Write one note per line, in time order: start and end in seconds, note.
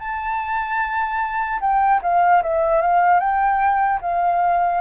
0.00 1.60 A5
1.61 2.01 G5
2.03 2.43 F5
2.43 2.82 E5
2.82 3.20 F5
3.20 4.00 G5
4.02 4.81 F5